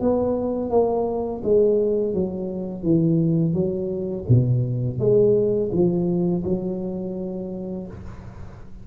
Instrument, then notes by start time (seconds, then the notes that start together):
tuba
0.00 B3
0.70 A#3
1.44 G#3
2.14 F#3
2.83 E3
3.54 F#3
4.29 B2
4.99 G#3
5.72 F3
6.44 F#3